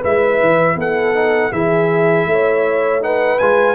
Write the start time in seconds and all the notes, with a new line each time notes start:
0.00 G#3 E4 B4 E5
0.40 E3
0.75 B3 A4 F#5
1.14 D#4
1.51 E3 E4 G#4 E5
2.25 A3 C#5
3.00 D#4 B4 F#5
3.39 G#3 F4 G#5